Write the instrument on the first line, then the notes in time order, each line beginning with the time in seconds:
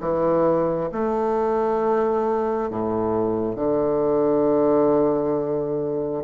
bassoon
0.00 E3
0.92 A3
2.69 A2
3.55 D3